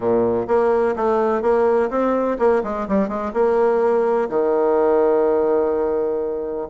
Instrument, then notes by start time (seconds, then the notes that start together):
bassoon
0.00 A#2
0.47 A#3
0.96 A3
1.42 A#3
1.89 C4
2.38 A#3
2.63 G#3
2.88 G3
3.08 G#3
3.33 A#3
4.29 D#3